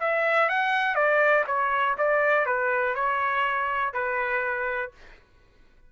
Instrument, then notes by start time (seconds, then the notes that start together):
trumpet
0.00 E5
0.49 F#5
0.95 D5
1.47 C#5
1.98 D5
2.46 B4
2.95 C#5
3.93 B4